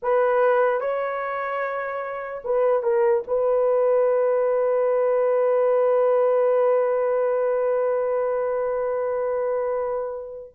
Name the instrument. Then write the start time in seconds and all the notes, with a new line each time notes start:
horn
0.02 B4
0.80 C#5
2.44 B4
2.82 A#4
3.27 B4